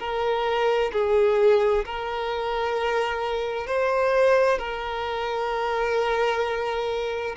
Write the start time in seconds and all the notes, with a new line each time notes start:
0.00 A#4
0.93 G#4
1.85 A#4
3.68 C5
4.59 A#4